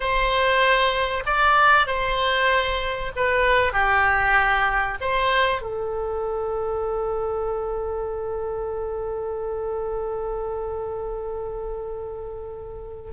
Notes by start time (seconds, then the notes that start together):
0.00 C5
1.26 D5
1.87 C5
3.16 B4
3.72 G4
5.00 C5
5.61 A4